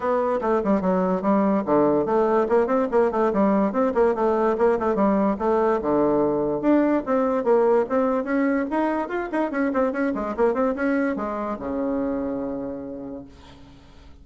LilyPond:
\new Staff \with { instrumentName = "bassoon" } { \time 4/4 \tempo 4 = 145 b4 a8 g8 fis4 g4 | d4 a4 ais8 c'8 ais8 a8 | g4 c'8 ais8 a4 ais8 a8 | g4 a4 d2 |
d'4 c'4 ais4 c'4 | cis'4 dis'4 f'8 dis'8 cis'8 c'8 | cis'8 gis8 ais8 c'8 cis'4 gis4 | cis1 | }